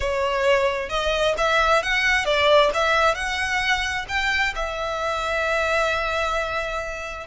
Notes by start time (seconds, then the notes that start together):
0.00 C#5
0.89 D#5
1.37 E5
1.82 F#5
2.25 D5
2.74 E5
3.14 F#5
4.08 G5
4.55 E5